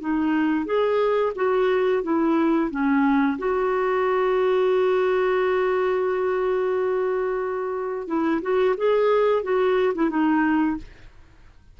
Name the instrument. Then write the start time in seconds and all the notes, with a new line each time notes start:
clarinet
0.00 D#4
0.65 G#4
1.35 F#4
2.03 E4
2.70 C#4
3.38 F#4
8.07 E4
8.41 F#4
8.77 G#4
9.43 F#4
9.94 E4
10.09 D#4